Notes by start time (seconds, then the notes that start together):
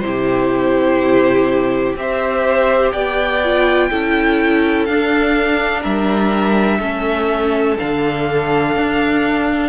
0.00 C3 E4 G4 C5
1.95 C4 G4 C5 E5
2.91 B3 D5 G5
3.44 F4
3.90 C#4 E4 A4
4.85 D4 F5
5.81 G3 A#4 E5
6.79 A3 C#4 A4
7.78 D3 D4 F5
8.76 D4